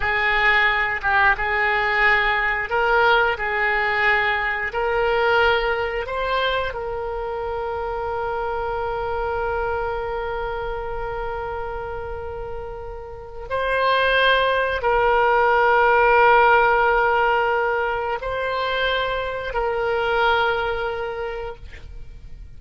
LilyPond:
\new Staff \with { instrumentName = "oboe" } { \time 4/4 \tempo 4 = 89 gis'4. g'8 gis'2 | ais'4 gis'2 ais'4~ | ais'4 c''4 ais'2~ | ais'1~ |
ais'1 | c''2 ais'2~ | ais'2. c''4~ | c''4 ais'2. | }